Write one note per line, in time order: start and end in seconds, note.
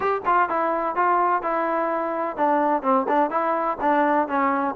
0.00 0.21 G4
0.25 0.49 F4
0.49 0.95 E4
0.95 1.42 F4
1.42 2.36 E4
2.36 2.82 D4
2.82 3.06 C4
3.08 3.30 D4
3.30 3.77 E4
3.80 4.28 D4
4.28 4.75 C#4